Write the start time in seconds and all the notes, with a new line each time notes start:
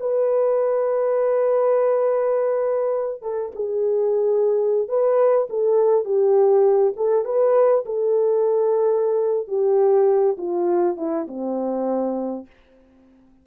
0.00 B4
3.22 A4
3.55 G#4
4.88 B4
5.50 A4
6.05 G4
6.97 A4
7.25 B4
7.86 A4
9.48 G4
10.38 F4
10.97 E4
11.28 C4